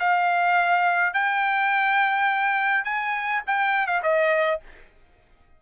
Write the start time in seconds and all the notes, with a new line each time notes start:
0.00 F5
1.14 G5
2.85 G#5
3.47 G5
3.88 F5
4.03 D#5